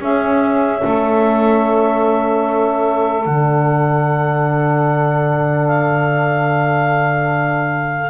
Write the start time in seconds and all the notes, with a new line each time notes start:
0.00 C#4 G#4 E5
0.83 A3 A4
3.25 D3 D4 F#5
5.68 F5